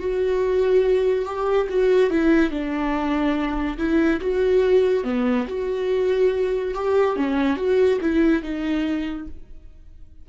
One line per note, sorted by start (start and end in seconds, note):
0.00 1.26 F#4
1.26 1.68 G4
1.70 2.10 F#4
2.10 2.51 E4
2.51 3.78 D4
3.78 4.21 E4
4.21 5.04 F#4
5.04 5.47 B3
5.48 6.75 F#4
6.75 7.17 G4
7.17 7.57 C#4
7.57 7.99 F#4
8.01 8.43 E4
8.43 9.28 D#4